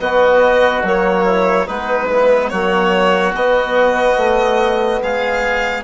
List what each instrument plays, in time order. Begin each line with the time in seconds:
0.00 trombone B3, bassoon B3, oboe F#4, violin D#5
0.84 bassoon F#3, trombone A#3, violin C#5
1.26 oboe E4
1.66 bassoon G#3, trombone B3, oboe D#4, violin B4
2.10 oboe B3, trombone E4
2.49 bassoon F#3, trombone A#3, oboe F#4, violin C#5
3.35 bassoon B3, trombone B3, violin D#5
4.18 bassoon A3
5.02 bassoon G#3, oboe G#4, violin F5